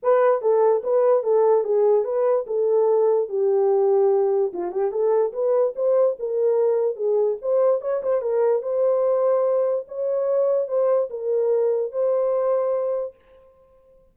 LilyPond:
\new Staff \with { instrumentName = "horn" } { \time 4/4 \tempo 4 = 146 b'4 a'4 b'4 a'4 | gis'4 b'4 a'2 | g'2. f'8 g'8 | a'4 b'4 c''4 ais'4~ |
ais'4 gis'4 c''4 cis''8 c''8 | ais'4 c''2. | cis''2 c''4 ais'4~ | ais'4 c''2. | }